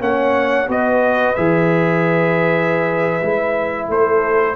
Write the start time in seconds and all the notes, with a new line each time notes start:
0.00 A#3 C#4 C#5 F#5
0.68 B3 F#4 B4 D#5
1.36 E3 G#4 E5
3.21 G#3 E4
3.89 A3 A4 C5